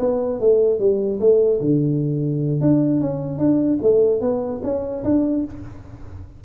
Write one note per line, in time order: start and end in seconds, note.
0.00 0.40 B3
0.40 0.80 A3
0.80 1.20 G3
1.20 1.61 A3
1.61 2.61 D3
2.61 3.01 D4
3.01 3.39 C#4
3.39 3.79 D4
3.82 4.21 A3
4.21 4.61 B3
4.64 5.04 C#4
5.04 5.45 D4